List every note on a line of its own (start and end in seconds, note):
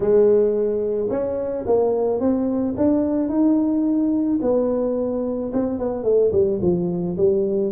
0.00 1.08 G#3
1.10 1.65 C#4
1.66 2.19 A#3
2.19 2.74 C4
2.77 3.29 D4
3.29 4.39 D#4
4.41 5.51 B3
5.53 5.78 C4
5.78 6.03 B3
6.03 6.31 A3
6.32 6.59 G3
6.61 7.16 F3
7.17 7.72 G3